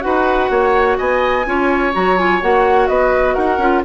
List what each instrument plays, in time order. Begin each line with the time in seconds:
0.00 bassoon D#4, clarinet F#4, oboe B4, flute F#5
0.50 bassoon A#3, oboe C#5
0.97 bassoon B3, oboe D#5, flute G#5
1.45 bassoon C#4, clarinet F4, oboe C#5
1.92 bassoon F#3, clarinet F#4, flute A#5
2.17 clarinet F4, flute G#5
2.41 bassoon A#3, clarinet F#4, flute F#5
2.87 bassoon B3, oboe B4, flute D#5
3.34 bassoon D#4, oboe A#4, flute F#5
3.57 bassoon C#4, clarinet F4